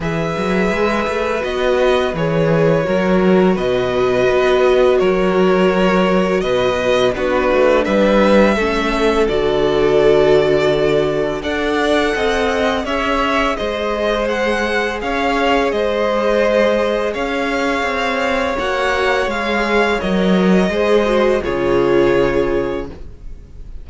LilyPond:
<<
  \new Staff \with { instrumentName = "violin" } { \time 4/4 \tempo 4 = 84 e''2 dis''4 cis''4~ | cis''4 dis''2 cis''4~ | cis''4 dis''4 b'4 e''4~ | e''4 d''2. |
fis''2 e''4 dis''4 | fis''4 f''4 dis''2 | f''2 fis''4 f''4 | dis''2 cis''2 | }
  \new Staff \with { instrumentName = "violin" } { \time 4/4 b'1 | ais'4 b'2 ais'4~ | ais'4 b'4 fis'4 b'4 | a'1 |
d''4 dis''4 cis''4 c''4~ | c''4 cis''4 c''2 | cis''1~ | cis''4 c''4 gis'2 | }
  \new Staff \with { instrumentName = "viola" } { \time 4/4 gis'2 fis'4 gis'4 | fis'1~ | fis'2 d'2 | cis'4 fis'2. |
a'2 gis'2~ | gis'1~ | gis'2 fis'4 gis'4 | ais'4 gis'8 fis'8 f'2 | }
  \new Staff \with { instrumentName = "cello" } { \time 4/4 e8 fis8 gis8 a8 b4 e4 | fis4 b,4 b4 fis4~ | fis4 b,4 b8 a8 g4 | a4 d2. |
d'4 c'4 cis'4 gis4~ | gis4 cis'4 gis2 | cis'4 c'4 ais4 gis4 | fis4 gis4 cis2 | }
>>